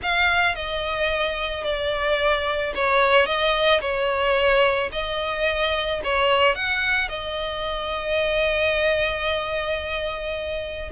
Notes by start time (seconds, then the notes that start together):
0.02 F5
0.55 D#5
1.64 D5
2.74 C#5
3.26 D#5
3.81 C#5
4.92 D#5
6.03 C#5
6.55 F#5
7.09 D#5